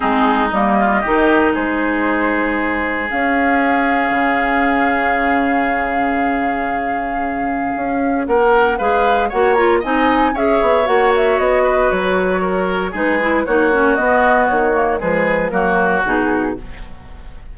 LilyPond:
<<
  \new Staff \with { instrumentName = "flute" } { \time 4/4 \tempo 4 = 116 gis'4 dis''2 c''4~ | c''2 f''2~ | f''1~ | f''1 |
fis''4 f''4 fis''8 ais''8 gis''4 | e''4 fis''8 e''8 dis''4 cis''4~ | cis''4 b'4 cis''4 dis''4 | cis''4 b'4 ais'4 gis'4 | }
  \new Staff \with { instrumentName = "oboe" } { \time 4/4 dis'4. f'8 g'4 gis'4~ | gis'1~ | gis'1~ | gis'1 |
ais'4 b'4 cis''4 dis''4 | cis''2~ cis''8 b'4. | ais'4 gis'4 fis'2~ | fis'4 gis'4 fis'2 | }
  \new Staff \with { instrumentName = "clarinet" } { \time 4/4 c'4 ais4 dis'2~ | dis'2 cis'2~ | cis'1~ | cis'1~ |
cis'4 gis'4 fis'8 f'8 dis'4 | gis'4 fis'2.~ | fis'4 dis'8 e'8 dis'8 cis'8 b4~ | b8 ais8 gis4 ais4 dis'4 | }
  \new Staff \with { instrumentName = "bassoon" } { \time 4/4 gis4 g4 dis4 gis4~ | gis2 cis'2 | cis1~ | cis2. cis'4 |
ais4 gis4 ais4 c'4 | cis'8 b8 ais4 b4 fis4~ | fis4 gis4 ais4 b4 | dis4 f4 fis4 b,4 | }
>>